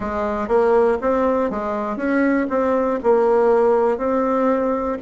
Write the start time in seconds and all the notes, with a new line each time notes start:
0.00 G#3
0.48 A#3
1.01 C4
1.50 G#3
1.96 C#4
2.49 C4
3.03 A#3
3.97 C4